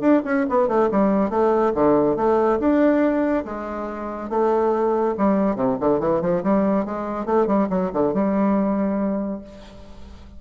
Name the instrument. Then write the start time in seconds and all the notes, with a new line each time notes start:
bassoon
0.00 D4
0.24 C#4
0.49 B3
0.67 A3
0.91 G3
1.29 A3
1.74 D3
2.16 A3
2.59 D4
3.44 G#3
4.29 A3
5.17 G3
5.55 C3
5.79 D3
5.99 E3
6.21 F3
6.43 G3
6.85 G#3
7.25 A3
7.46 G3
7.69 F#3
7.93 D3
8.13 G3